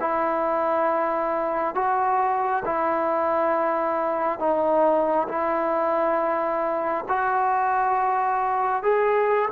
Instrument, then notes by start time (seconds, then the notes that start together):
trombone
0.00 E4
1.74 F#4
2.65 E4
4.39 D#4
5.28 E4
7.08 F#4
8.82 G#4